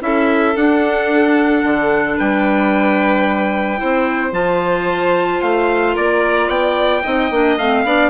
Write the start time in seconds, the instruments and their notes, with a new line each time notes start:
0.00 bassoon C#4, clarinet E4, violin A4, trumpet E5
0.55 bassoon D4, clarinet D4, trumpet F#5
1.63 bassoon D3
2.17 bassoon G3, violin B4, trumpet G5
3.77 bassoon C4, clarinet E4, violin C5
4.31 bassoon F3, clarinet F4, trumpet A5
5.41 bassoon A3, trumpet F5
5.94 bassoon A#3, violin A#4, trumpet D5
6.48 bassoon B3, violin D5, trumpet G5
7.03 bassoon C4, clarinet D#4, violin D#5
7.30 bassoon A#3, clarinet D4
7.57 bassoon A3, clarinet C4, trumpet F5
7.84 bassoon B3, clarinet D4, violin D5